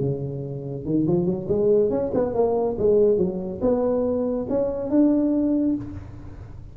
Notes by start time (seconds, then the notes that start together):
0.00 C#3
0.85 D#3
1.07 F3
1.26 F#3
1.49 G#3
1.90 C#4
2.14 B3
2.34 A#3
2.79 G#3
3.18 F#3
3.62 B3
4.49 C#4
4.90 D4